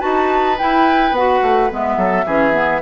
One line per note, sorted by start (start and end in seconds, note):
0.00 0.61 D#4
0.00 0.56 F#4
0.00 1.96 B4
0.00 0.57 A5
0.59 1.15 E4
0.59 1.12 E4
0.59 1.15 G5
1.12 1.40 B3
1.12 1.71 F#4
1.12 1.71 F#5
1.43 1.71 A3
1.71 1.98 G#3
1.71 2.27 B3
1.71 2.82 E5
1.98 2.26 F#3
1.98 2.26 A4
2.26 2.82 E3
2.26 2.53 C#4
2.26 2.82 G#4
2.53 2.81 B3